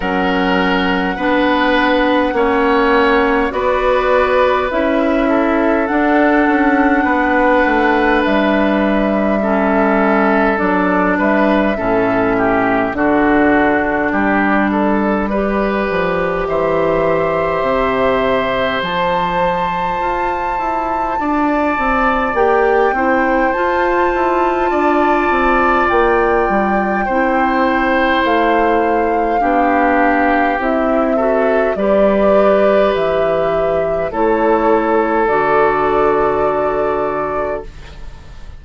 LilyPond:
<<
  \new Staff \with { instrumentName = "flute" } { \time 4/4 \tempo 4 = 51 fis''2. d''4 | e''4 fis''2 e''4~ | e''4 d''8 e''4. d''4~ | d''2 e''2 |
a''2. g''4 | a''2 g''2 | f''2 e''4 d''4 | e''4 cis''4 d''2 | }
  \new Staff \with { instrumentName = "oboe" } { \time 4/4 ais'4 b'4 cis''4 b'4~ | b'8 a'4. b'2 | a'4. b'8 a'8 g'8 fis'4 | g'8 a'8 b'4 c''2~ |
c''2 d''4. c''8~ | c''4 d''2 c''4~ | c''4 g'4. a'8 b'4~ | b'4 a'2. | }
  \new Staff \with { instrumentName = "clarinet" } { \time 4/4 cis'4 d'4 cis'4 fis'4 | e'4 d'2. | cis'4 d'4 cis'4 d'4~ | d'4 g'2. |
f'2. g'8 e'8 | f'2. e'4~ | e'4 d'4 e'8 fis'8 g'4~ | g'4 e'4 fis'2 | }
  \new Staff \with { instrumentName = "bassoon" } { \time 4/4 fis4 b4 ais4 b4 | cis'4 d'8 cis'8 b8 a8 g4~ | g4 fis8 g8 a,4 d4 | g4. f8 e4 c4 |
f4 f'8 e'8 d'8 c'8 ais8 c'8 | f'8 e'8 d'8 c'8 ais8 g8 c'4 | a4 b4 c'4 g4 | e4 a4 d2 | }
>>